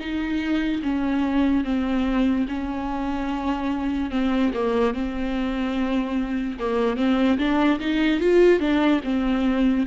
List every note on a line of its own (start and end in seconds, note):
0.00 0.82 D#4
0.83 1.65 C#4
1.65 2.47 C4
2.49 4.11 C#4
4.11 4.52 C4
4.54 4.94 A#3
4.94 6.59 C4
6.60 6.97 A#3
6.97 7.38 C4
7.39 7.80 D4
7.80 8.21 D#4
8.21 8.60 F4
8.60 9.01 D4
9.04 9.87 C4